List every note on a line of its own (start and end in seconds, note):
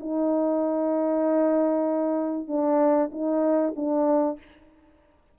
0.00 2.48 D#4
2.48 3.10 D4
3.12 3.74 D#4
3.76 4.39 D4